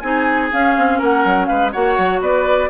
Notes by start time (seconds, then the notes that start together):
0.00 C4 D#4 G#4 G#5
0.53 C#4 F5
0.77 C4
0.99 A#3 A#4 F#5
1.25 F#3
1.47 G#3 B4 F5
1.72 A#3 F#4 C#5 F#5
1.98 F#3
2.21 B3 B4 D5